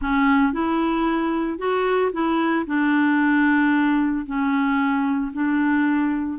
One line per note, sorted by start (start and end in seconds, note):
0.01 0.52 C#4
0.52 1.58 E4
1.58 2.11 F#4
2.12 2.65 E4
2.66 4.25 D4
4.26 5.32 C#4
5.32 6.38 D4